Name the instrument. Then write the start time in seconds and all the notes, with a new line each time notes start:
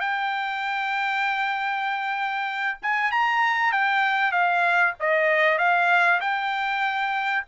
trumpet
0.00 G5
2.82 G#5
3.11 A#5
3.72 G5
4.32 F5
5.00 D#5
5.58 F5
6.20 G5